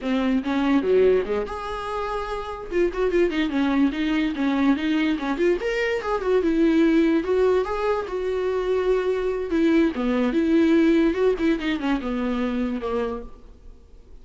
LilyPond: \new Staff \with { instrumentName = "viola" } { \time 4/4 \tempo 4 = 145 c'4 cis'4 fis4 gis8 gis'8~ | gis'2~ gis'8 f'8 fis'8 f'8 | dis'8 cis'4 dis'4 cis'4 dis'8~ | dis'8 cis'8 f'8 ais'4 gis'8 fis'8 e'8~ |
e'4. fis'4 gis'4 fis'8~ | fis'2. e'4 | b4 e'2 fis'8 e'8 | dis'8 cis'8 b2 ais4 | }